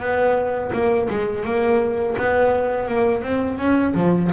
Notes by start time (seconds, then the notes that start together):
0.00 B3
0.73 A#3
1.09 G#3
1.44 A#3
2.17 B3
2.88 A#3
3.23 C4
3.58 C#4
3.94 F3